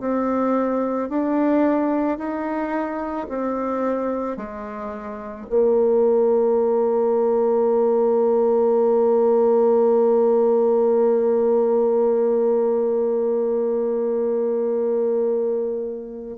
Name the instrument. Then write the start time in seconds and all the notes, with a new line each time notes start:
bassoon
0.00 C4
1.09 D4
2.18 D#4
3.29 C4
4.37 G#3
5.49 A#3